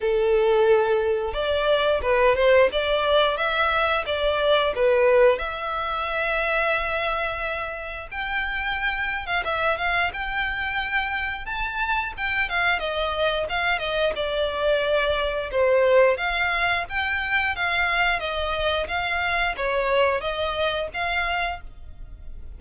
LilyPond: \new Staff \with { instrumentName = "violin" } { \time 4/4 \tempo 4 = 89 a'2 d''4 b'8 c''8 | d''4 e''4 d''4 b'4 | e''1 | g''4.~ g''16 f''16 e''8 f''8 g''4~ |
g''4 a''4 g''8 f''8 dis''4 | f''8 dis''8 d''2 c''4 | f''4 g''4 f''4 dis''4 | f''4 cis''4 dis''4 f''4 | }